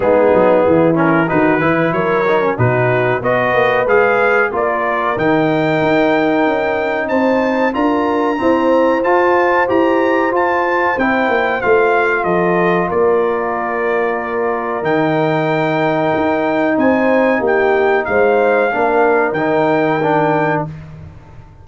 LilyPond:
<<
  \new Staff \with { instrumentName = "trumpet" } { \time 4/4 \tempo 4 = 93 gis'4. ais'8 b'4 cis''4 | b'4 dis''4 f''4 d''4 | g''2. a''4 | ais''2 a''4 ais''4 |
a''4 g''4 f''4 dis''4 | d''2. g''4~ | g''2 gis''4 g''4 | f''2 g''2 | }
  \new Staff \with { instrumentName = "horn" } { \time 4/4 dis'4 e'4 fis'8 b'8 ais'4 | fis'4 b'2 ais'4~ | ais'2. c''4 | ais'4 c''2.~ |
c''2. a'4 | ais'1~ | ais'2 c''4 g'4 | c''4 ais'2. | }
  \new Staff \with { instrumentName = "trombone" } { \time 4/4 b4. cis'8 dis'8 e'4 dis'16 cis'16 | dis'4 fis'4 gis'4 f'4 | dis'1 | f'4 c'4 f'4 g'4 |
f'4 e'4 f'2~ | f'2. dis'4~ | dis'1~ | dis'4 d'4 dis'4 d'4 | }
  \new Staff \with { instrumentName = "tuba" } { \time 4/4 gis8 fis8 e4 dis8 e8 fis4 | b,4 b8 ais8 gis4 ais4 | dis4 dis'4 cis'4 c'4 | d'4 e'4 f'4 e'4 |
f'4 c'8 ais8 a4 f4 | ais2. dis4~ | dis4 dis'4 c'4 ais4 | gis4 ais4 dis2 | }
>>